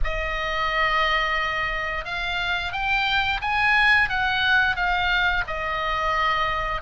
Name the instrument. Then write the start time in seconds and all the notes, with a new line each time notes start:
oboe
0.03 D#5
2.05 F5
2.72 G5
3.41 G#5
4.09 F#5
4.75 F5
5.47 D#5